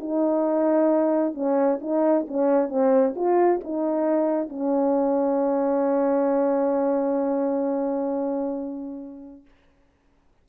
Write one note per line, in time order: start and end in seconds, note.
0.00 1.34 D#4
1.34 1.79 C#4
1.81 2.26 D#4
2.28 2.69 C#4
2.69 3.14 C4
3.16 3.61 F4
3.64 4.49 D#4
4.49 9.45 C#4